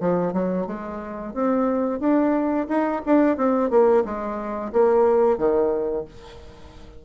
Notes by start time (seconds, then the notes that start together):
0.00 F3
0.33 F#3
0.66 G#3
1.34 C4
1.99 D4
2.68 D#4
3.06 D4
3.37 C4
3.70 A#3
4.04 G#3
4.72 A#3
5.37 D#3